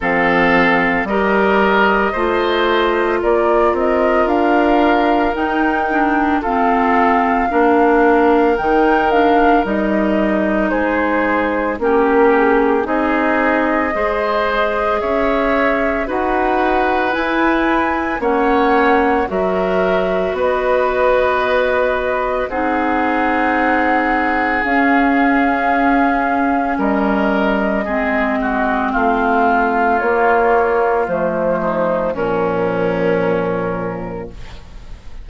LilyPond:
<<
  \new Staff \with { instrumentName = "flute" } { \time 4/4 \tempo 4 = 56 f''4 dis''2 d''8 dis''8 | f''4 g''4 f''2 | g''8 f''8 dis''4 c''4 ais'8 gis'8 | dis''2 e''4 fis''4 |
gis''4 fis''4 e''4 dis''4~ | dis''4 fis''2 f''4~ | f''4 dis''2 f''4 | cis''4 c''4 ais'2 | }
  \new Staff \with { instrumentName = "oboe" } { \time 4/4 a'4 ais'4 c''4 ais'4~ | ais'2 a'4 ais'4~ | ais'2 gis'4 g'4 | gis'4 c''4 cis''4 b'4~ |
b'4 cis''4 ais'4 b'4~ | b'4 gis'2.~ | gis'4 ais'4 gis'8 fis'8 f'4~ | f'4. dis'8 cis'2 | }
  \new Staff \with { instrumentName = "clarinet" } { \time 4/4 c'4 g'4 f'2~ | f'4 dis'8 d'8 c'4 d'4 | dis'8 d'8 dis'2 cis'4 | dis'4 gis'2 fis'4 |
e'4 cis'4 fis'2~ | fis'4 dis'2 cis'4~ | cis'2 c'2 | ais4 a4 f2 | }
  \new Staff \with { instrumentName = "bassoon" } { \time 4/4 f4 g4 a4 ais8 c'8 | d'4 dis'4 f'4 ais4 | dis4 g4 gis4 ais4 | c'4 gis4 cis'4 dis'4 |
e'4 ais4 fis4 b4~ | b4 c'2 cis'4~ | cis'4 g4 gis4 a4 | ais4 f4 ais,2 | }
>>